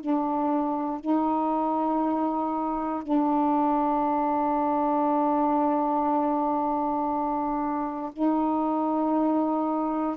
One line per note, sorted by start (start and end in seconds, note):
0.00 1.00 D4
1.00 3.02 D#4
3.02 8.11 D4
8.13 10.16 D#4